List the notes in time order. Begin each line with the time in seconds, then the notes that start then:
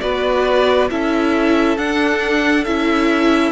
0.00 B3 F#4 B4 D5
0.90 C#4 E4 A4 E5
1.78 D4 F#5
2.64 C#4 E4 E5